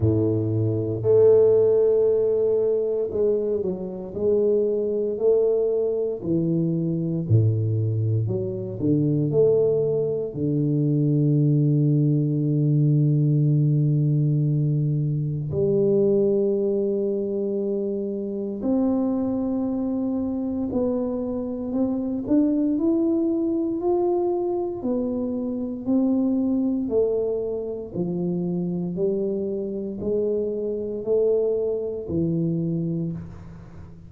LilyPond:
\new Staff \with { instrumentName = "tuba" } { \time 4/4 \tempo 4 = 58 a,4 a2 gis8 fis8 | gis4 a4 e4 a,4 | fis8 d8 a4 d2~ | d2. g4~ |
g2 c'2 | b4 c'8 d'8 e'4 f'4 | b4 c'4 a4 f4 | g4 gis4 a4 e4 | }